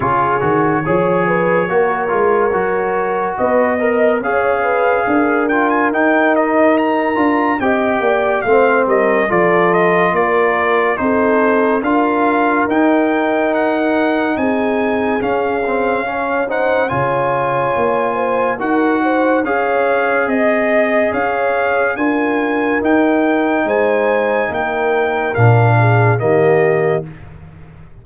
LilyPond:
<<
  \new Staff \with { instrumentName = "trumpet" } { \time 4/4 \tempo 4 = 71 cis''1 | dis''4 f''4. g''16 gis''16 g''8 dis''8 | ais''4 g''4 f''8 dis''8 d''8 dis''8 | d''4 c''4 f''4 g''4 |
fis''4 gis''4 f''4. fis''8 | gis''2 fis''4 f''4 | dis''4 f''4 gis''4 g''4 | gis''4 g''4 f''4 dis''4 | }
  \new Staff \with { instrumentName = "horn" } { \time 4/4 gis'4 cis''8 b'8 ais'2 | b'8 dis''8 cis''8 b'8 ais'2~ | ais'4 dis''8 d''8 c''8 ais'8 a'4 | ais'4 a'4 ais'2~ |
ais'4 gis'2 cis''8 c''8 | cis''4. c''8 ais'8 c''8 cis''4 | dis''4 cis''4 ais'2 | c''4 ais'4. gis'8 g'4 | }
  \new Staff \with { instrumentName = "trombone" } { \time 4/4 f'8 fis'8 gis'4 fis'8 f'8 fis'4~ | fis'8 ais'8 gis'4. f'8 dis'4~ | dis'8 f'8 g'4 c'4 f'4~ | f'4 dis'4 f'4 dis'4~ |
dis'2 cis'8 c'8 cis'8 dis'8 | f'2 fis'4 gis'4~ | gis'2 f'4 dis'4~ | dis'2 d'4 ais4 | }
  \new Staff \with { instrumentName = "tuba" } { \time 4/4 cis8 dis8 f4 ais8 gis8 fis4 | b4 cis'4 d'4 dis'4~ | dis'8 d'8 c'8 ais8 a8 g8 f4 | ais4 c'4 d'4 dis'4~ |
dis'4 c'4 cis'2 | cis4 ais4 dis'4 cis'4 | c'4 cis'4 d'4 dis'4 | gis4 ais4 ais,4 dis4 | }
>>